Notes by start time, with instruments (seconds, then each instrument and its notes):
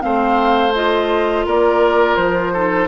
0.00 bassoon A3, clarinet C4, oboe C5, flute F5
0.74 clarinet F4, flute D#5
1.46 bassoon A#3, oboe A#4, flute D5
2.16 bassoon F3, flute C5
2.53 clarinet D#4, oboe A4